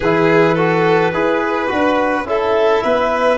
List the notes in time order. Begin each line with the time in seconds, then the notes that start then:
0.00 E3 E4 G#4 B4
0.54 F#4 A4
1.13 E4 G#4 B4
1.68 D4 F#4
2.24 C#4 E4 A4 E5
2.83 B3 B4